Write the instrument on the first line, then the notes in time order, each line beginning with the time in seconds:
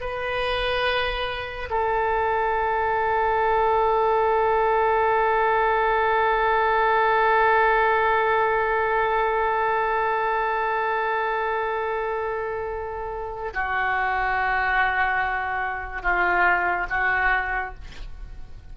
oboe
0.00 B4
1.70 A4
13.53 F#4
16.02 F4
16.89 F#4